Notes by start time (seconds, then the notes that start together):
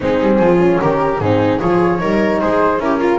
0.00 G#3 C4 D#4 G#4
0.21 G3
0.39 F3 F4
0.58 C#4
0.80 D#3 G4 A#4
1.19 G#2 C4 D#4 G#4
1.59 F3 F4 G#4 C#5
1.99 G3 D#4 A#4
2.40 G#3 G#4 C5
2.78 C#4 E4 G4 A#4
3.00 F4